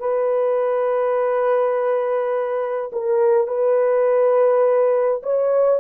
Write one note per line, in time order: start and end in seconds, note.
0.00 2.91 B4
2.93 3.48 A#4
3.48 5.22 B4
5.23 5.81 C#5